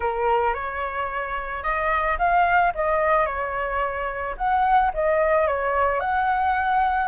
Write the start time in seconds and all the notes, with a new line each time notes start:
0.00 A#4
0.54 C#5
1.63 D#5
2.18 F5
2.74 D#5
3.26 C#5
4.37 F#5
4.93 D#5
5.47 C#5
6.00 F#5